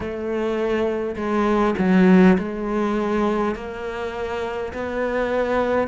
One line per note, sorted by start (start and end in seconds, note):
0.00 1.15 A3
1.16 1.74 G#3
1.78 2.37 F#3
2.37 3.55 G#3
3.55 4.73 A#3
4.73 5.87 B3